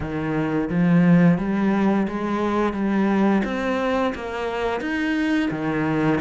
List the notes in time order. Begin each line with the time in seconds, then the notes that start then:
0.00 D#3
0.69 F3
1.38 G3
2.08 G#3
2.73 G3
3.44 C4
4.14 A#3
4.80 D#4
5.50 D#3